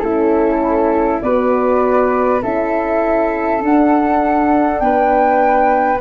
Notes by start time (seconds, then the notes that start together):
0.00 A3 C#4 E4 A4
1.22 B3 F#4 B4 D5
2.43 C#4 E4 A4 E5
3.61 D4 F#5
4.79 B3 B4 G5